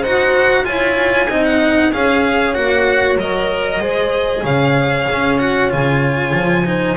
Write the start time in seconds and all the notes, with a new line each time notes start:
0.00 D#4 F#4 C5 F#5
0.64 E4 F4 C#5 G#5
1.28 C4 D#4 D#5
1.45 F#5
1.92 C#4 G#4 C#5 F5
2.53 A#3 F#4 F#5
3.17 F#3 A#4 D#5
3.80 G#3 G#4 C5
4.43 C#3 C#5 F5
5.11 C#4
5.38 F#4 F#5
5.69 C#3 F4 G#5
6.33 F3
6.65 D#4 C5